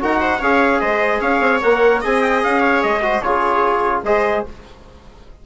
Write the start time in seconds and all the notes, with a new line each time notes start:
0.00 D#4 F#4 A#4 F#5
0.20 C5
0.39 C#4 G#4 C#5 F5
0.80 G#3 C5 D#5
1.21 C#4 C#5 F5
1.40 C4
1.62 A#3 A#4 F#5
2.01 C4 G#4 D#5 G#5
2.22 G5
2.43 C#4 F5
2.60 C#5
2.82 G#3 D#5
3.02 F#4 C5
3.21 C#3 F4 G#4 C#5
4.03 G#3 G#4 C5 D#5